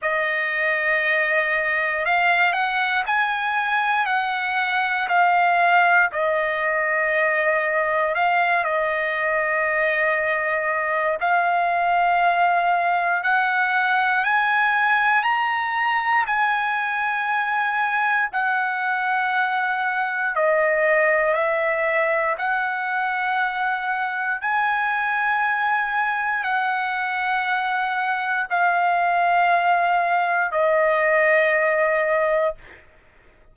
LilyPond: \new Staff \with { instrumentName = "trumpet" } { \time 4/4 \tempo 4 = 59 dis''2 f''8 fis''8 gis''4 | fis''4 f''4 dis''2 | f''8 dis''2~ dis''8 f''4~ | f''4 fis''4 gis''4 ais''4 |
gis''2 fis''2 | dis''4 e''4 fis''2 | gis''2 fis''2 | f''2 dis''2 | }